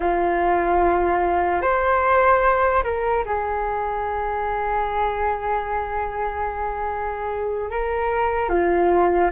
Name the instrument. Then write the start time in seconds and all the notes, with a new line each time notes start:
flute
0.00 F4
1.61 C5
2.83 A#4
3.25 G#4
7.70 A#4
8.49 F4